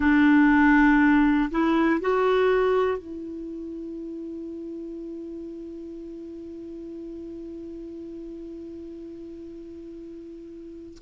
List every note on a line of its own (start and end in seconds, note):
0.00 1.50 D4
1.50 2.00 E4
2.00 2.98 F#4
2.98 10.98 E4